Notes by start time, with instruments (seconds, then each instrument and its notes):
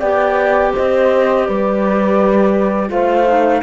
0.00 cello B3, clarinet G4, horn D5, flute G5
0.73 cello C4, horn C5, flute D#5
1.45 cello G3, horn B4, flute D5
2.88 cello A3, clarinet F4, horn C5, flute F5
3.27 clarinet D#4